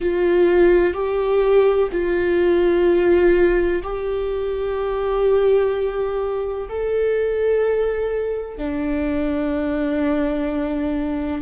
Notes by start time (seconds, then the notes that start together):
0.00 F4
0.93 G4
1.92 F4
3.82 G4
6.68 A4
8.57 D4